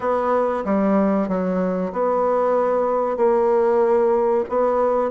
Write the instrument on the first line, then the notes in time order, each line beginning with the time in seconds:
bassoon
0.00 B3
0.64 G3
1.28 F#3
1.92 B3
3.16 A#3
4.49 B3